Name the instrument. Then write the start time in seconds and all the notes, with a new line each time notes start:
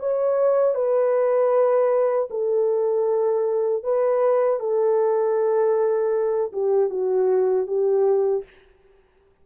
horn
0.00 C#5
0.75 B4
2.31 A4
3.84 B4
4.60 A4
6.53 G4
6.91 F#4
7.67 G4